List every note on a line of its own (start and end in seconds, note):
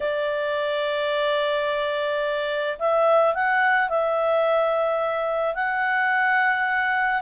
0.00 2.78 D5
2.79 3.34 E5
3.34 3.89 F#5
3.89 5.55 E5
5.55 7.21 F#5